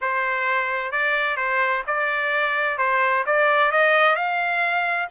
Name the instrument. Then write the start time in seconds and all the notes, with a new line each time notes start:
trumpet
0.01 C5
0.91 D5
1.37 C5
1.87 D5
2.78 C5
3.26 D5
3.71 D#5
4.15 F5